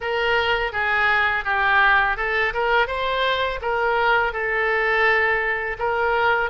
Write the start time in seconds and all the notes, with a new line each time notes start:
0.00 A#4
0.72 G#4
1.44 G4
2.17 A4
2.53 A#4
2.87 C5
3.61 A#4
4.32 A4
5.78 A#4